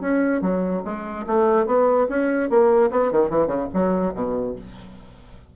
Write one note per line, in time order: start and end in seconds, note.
0.00 0.41 C#4
0.41 0.82 F#3
0.84 1.25 G#3
1.26 1.66 A3
1.66 2.07 B3
2.09 2.49 C#4
2.49 2.90 A#3
2.90 3.11 B3
3.11 3.30 D#3
3.30 3.47 E3
3.47 3.67 C#3
3.73 4.14 F#3
4.14 4.55 B2